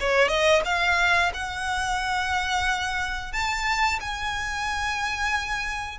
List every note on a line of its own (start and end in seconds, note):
0.00 0.28 C#5
0.28 0.62 D#5
0.65 1.32 F5
1.34 3.32 F#5
3.32 3.99 A5
4.00 5.98 G#5